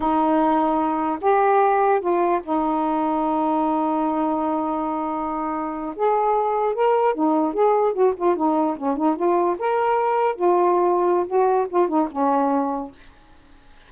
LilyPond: \new Staff \with { instrumentName = "saxophone" } { \time 4/4 \tempo 4 = 149 dis'2. g'4~ | g'4 f'4 dis'2~ | dis'1~ | dis'2~ dis'8. gis'4~ gis'16~ |
gis'8. ais'4 dis'4 gis'4 fis'16~ | fis'16 f'8 dis'4 cis'8 dis'8 f'4 ais'16~ | ais'4.~ ais'16 f'2~ f'16 | fis'4 f'8 dis'8 cis'2 | }